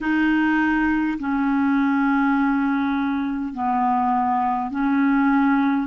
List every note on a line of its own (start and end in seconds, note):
0.01 1.18 D#4
1.19 3.53 C#4
3.53 4.71 B3
4.71 5.87 C#4